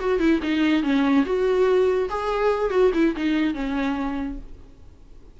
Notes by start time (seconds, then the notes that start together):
0.00 F#4
0.19 E4
0.43 D#4
0.83 C#4
1.25 F#4
2.10 G#4
2.70 F#4
2.94 E4
3.16 D#4
3.54 C#4